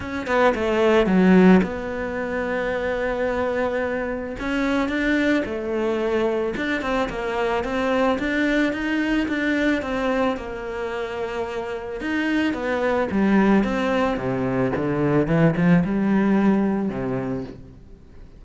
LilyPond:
\new Staff \with { instrumentName = "cello" } { \time 4/4 \tempo 4 = 110 cis'8 b8 a4 fis4 b4~ | b1 | cis'4 d'4 a2 | d'8 c'8 ais4 c'4 d'4 |
dis'4 d'4 c'4 ais4~ | ais2 dis'4 b4 | g4 c'4 c4 d4 | e8 f8 g2 c4 | }